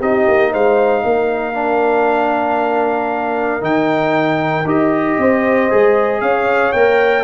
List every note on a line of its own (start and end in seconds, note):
0.00 0.27 C4
0.00 1.54 D#4
0.00 0.52 G4
0.00 0.54 D#5
0.28 0.54 A#3
0.52 1.04 G#3
0.52 1.03 C5
0.52 3.64 F5
1.04 3.61 A#3
1.04 5.19 A#4
1.54 3.61 D4
3.61 4.65 D#3
3.61 4.64 D#4
3.61 4.68 G5
4.65 5.17 D#4
4.65 5.70 G4
4.65 6.21 D#5
5.19 5.70 C4
5.19 6.22 C5
5.70 6.22 G#3
5.70 6.73 G#4
6.21 6.73 C#4
6.21 7.24 C#5
6.21 6.73 F5
6.73 7.24 A#3
6.73 7.24 A#4
6.73 7.24 G5